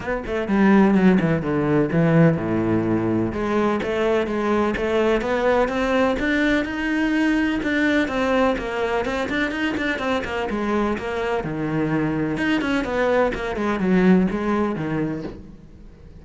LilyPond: \new Staff \with { instrumentName = "cello" } { \time 4/4 \tempo 4 = 126 b8 a8 g4 fis8 e8 d4 | e4 a,2 gis4 | a4 gis4 a4 b4 | c'4 d'4 dis'2 |
d'4 c'4 ais4 c'8 d'8 | dis'8 d'8 c'8 ais8 gis4 ais4 | dis2 dis'8 cis'8 b4 | ais8 gis8 fis4 gis4 dis4 | }